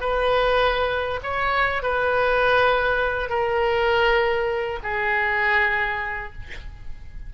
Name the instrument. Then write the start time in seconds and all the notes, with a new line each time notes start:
oboe
0.00 B4
1.23 C#5
1.82 B4
3.29 A#4
4.83 G#4